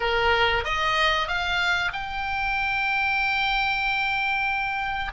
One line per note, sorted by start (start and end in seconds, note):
0.00 0.64 A#4
0.64 1.28 D#5
1.28 1.91 F5
1.92 5.12 G5